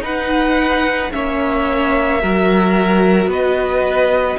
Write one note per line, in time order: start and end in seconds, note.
0.00 1.09 D#4
0.00 1.10 D#4
0.00 1.11 B4
0.00 1.12 F#5
1.11 2.22 A#3
1.11 2.20 C#4
1.11 2.21 C#5
1.11 3.30 E5
2.21 3.26 F#3
2.21 4.39 F#4
2.21 3.30 A#4
3.26 4.35 B3
3.26 4.39 B4
3.26 4.39 D#5